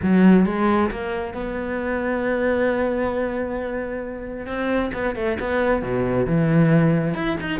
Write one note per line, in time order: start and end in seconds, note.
0.02 0.45 F#3
0.45 0.90 G#3
0.90 1.34 A#3
1.34 4.46 B3
4.46 4.91 C4
4.93 5.15 B3
5.15 5.38 A3
5.39 5.82 B3
5.82 6.26 B2
6.26 7.14 E3
7.14 7.36 E4
7.40 7.60 D#4